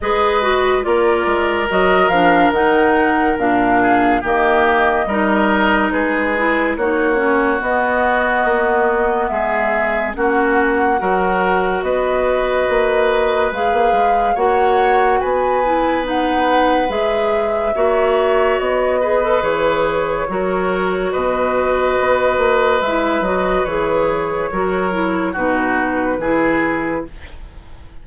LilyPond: <<
  \new Staff \with { instrumentName = "flute" } { \time 4/4 \tempo 4 = 71 dis''4 d''4 dis''8 f''8 fis''4 | f''4 dis''2 b'4 | cis''4 dis''2 e''4 | fis''2 dis''2 |
f''4 fis''4 gis''4 fis''4 | e''2 dis''4 cis''4~ | cis''4 dis''2 e''8 dis''8 | cis''2 b'2 | }
  \new Staff \with { instrumentName = "oboe" } { \time 4/4 b'4 ais'2.~ | ais'8 gis'8 g'4 ais'4 gis'4 | fis'2. gis'4 | fis'4 ais'4 b'2~ |
b'4 cis''4 b'2~ | b'4 cis''4. b'4. | ais'4 b'2.~ | b'4 ais'4 fis'4 gis'4 | }
  \new Staff \with { instrumentName = "clarinet" } { \time 4/4 gis'8 fis'8 f'4 fis'8 d'8 dis'4 | d'4 ais4 dis'4. e'8 | dis'8 cis'8 b2. | cis'4 fis'2. |
gis'4 fis'4. e'8 dis'4 | gis'4 fis'4. gis'16 a'16 gis'4 | fis'2. e'8 fis'8 | gis'4 fis'8 e'8 dis'4 e'4 | }
  \new Staff \with { instrumentName = "bassoon" } { \time 4/4 gis4 ais8 gis8 fis8 f8 dis4 | ais,4 dis4 g4 gis4 | ais4 b4 ais4 gis4 | ais4 fis4 b4 ais4 |
gis16 ais16 gis8 ais4 b2 | gis4 ais4 b4 e4 | fis4 b,4 b8 ais8 gis8 fis8 | e4 fis4 b,4 e4 | }
>>